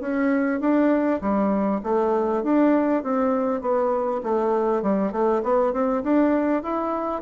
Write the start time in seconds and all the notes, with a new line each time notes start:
0.00 C#4
0.60 D4
1.21 G3
1.83 A3
2.43 D4
3.03 C4
3.61 B3
4.23 A3
4.82 G3
5.12 A3
5.43 B3
5.72 C4
6.03 D4
6.62 E4